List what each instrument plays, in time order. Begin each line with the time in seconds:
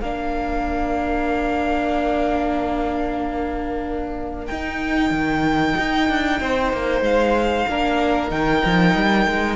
0.00 cello A#3, viola D4, violin A#4 F5
4.46 cello D#4, viola D#4, violin G5
5.10 cello D#3
5.77 cello D#4
6.09 cello D4
6.40 cello C4, violin C5
6.72 cello A#3
7.01 cello G#3, violin F5
7.68 cello A#3, viola D4, violin A#4
8.29 cello D#3, viola D#4, violin G5
8.65 cello F3
8.95 cello G3
9.27 cello G#3